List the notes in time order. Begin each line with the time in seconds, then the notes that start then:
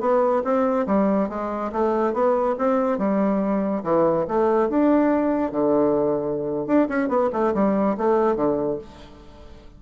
0.00 B3
0.44 C4
0.86 G3
1.29 G#3
1.72 A3
2.13 B3
2.58 C4
2.98 G3
3.83 E3
4.27 A3
4.69 D4
5.52 D3
6.66 D4
6.88 C#4
7.08 B3
7.32 A3
7.54 G3
7.97 A3
8.35 D3